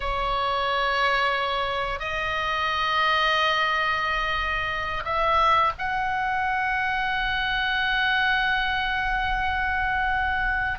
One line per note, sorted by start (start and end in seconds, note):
0.00 1.99 C#5
1.99 5.03 D#5
5.04 5.72 E5
5.78 10.79 F#5